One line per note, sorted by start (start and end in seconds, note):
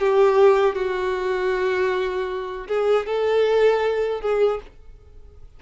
0.00 0.76 G4
0.76 2.68 F#4
2.68 3.06 G#4
3.06 4.21 A4
4.21 4.60 G#4